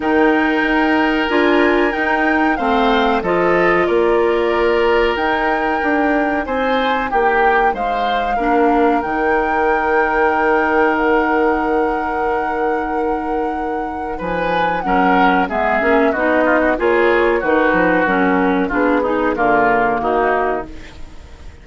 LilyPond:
<<
  \new Staff \with { instrumentName = "flute" } { \time 4/4 \tempo 4 = 93 g''2 gis''4 g''4 | f''4 dis''4 d''2 | g''2 gis''4 g''4 | f''2 g''2~ |
g''4 fis''2.~ | fis''2 gis''4 fis''4 | e''4 dis''4 cis''4 b'4 | ais'4 gis'4 ais'4 fis'4 | }
  \new Staff \with { instrumentName = "oboe" } { \time 4/4 ais'1 | c''4 a'4 ais'2~ | ais'2 c''4 g'4 | c''4 ais'2.~ |
ais'1~ | ais'2 b'4 ais'4 | gis'4 fis'8 f'16 fis'16 gis'4 fis'4~ | fis'4 f'8 dis'8 f'4 dis'4 | }
  \new Staff \with { instrumentName = "clarinet" } { \time 4/4 dis'2 f'4 dis'4 | c'4 f'2. | dis'1~ | dis'4 d'4 dis'2~ |
dis'1~ | dis'2. cis'4 | b8 cis'8 dis'4 f'4 dis'4 | cis'4 d'8 dis'8 ais2 | }
  \new Staff \with { instrumentName = "bassoon" } { \time 4/4 dis4 dis'4 d'4 dis'4 | a4 f4 ais2 | dis'4 d'4 c'4 ais4 | gis4 ais4 dis2~ |
dis1~ | dis2 f4 fis4 | gis8 ais8 b4 ais4 dis8 f8 | fis4 b4 d4 dis4 | }
>>